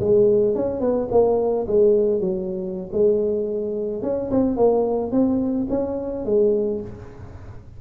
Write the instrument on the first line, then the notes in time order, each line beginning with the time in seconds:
tuba
0.00 G#3
0.55 C#4
0.80 B3
1.11 A#3
1.67 G#3
2.21 F#3
2.93 G#3
4.03 C#4
4.31 C4
4.57 A#3
5.12 C4
5.70 C#4
6.26 G#3